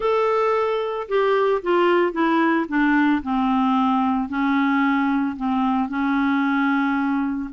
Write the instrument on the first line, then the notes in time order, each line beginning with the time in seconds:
clarinet
0.00 A4
1.08 G4
1.62 F4
2.12 E4
2.68 D4
3.22 C4
4.29 C#4
5.36 C4
5.89 C#4